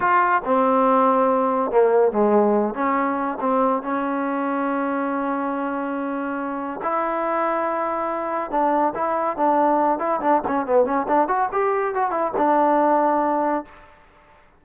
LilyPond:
\new Staff \with { instrumentName = "trombone" } { \time 4/4 \tempo 4 = 141 f'4 c'2. | ais4 gis4. cis'4. | c'4 cis'2.~ | cis'1 |
e'1 | d'4 e'4 d'4. e'8 | d'8 cis'8 b8 cis'8 d'8 fis'8 g'4 | fis'8 e'8 d'2. | }